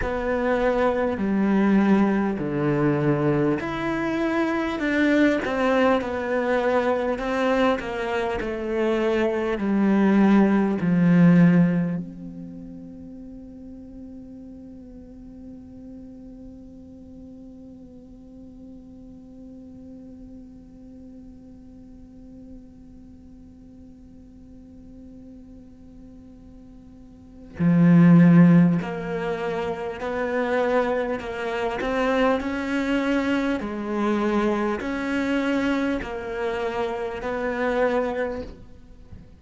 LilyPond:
\new Staff \with { instrumentName = "cello" } { \time 4/4 \tempo 4 = 50 b4 g4 d4 e'4 | d'8 c'8 b4 c'8 ais8 a4 | g4 f4 c'2~ | c'1~ |
c'1~ | c'2. f4 | ais4 b4 ais8 c'8 cis'4 | gis4 cis'4 ais4 b4 | }